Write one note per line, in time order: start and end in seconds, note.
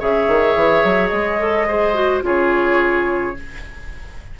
0.00 0.28 C#3
0.00 1.39 G#4
0.00 1.68 C#5
0.00 1.08 E5
0.28 0.56 D#3
0.56 0.84 E3
0.85 1.12 F#3
1.08 2.24 G#3
1.08 2.20 D#5
1.39 1.68 A4
1.68 1.95 G#4
1.68 2.24 C5
1.95 2.23 F#4
2.23 3.36 C#3
2.23 3.35 F4
2.23 3.37 G#4
2.23 3.40 C#5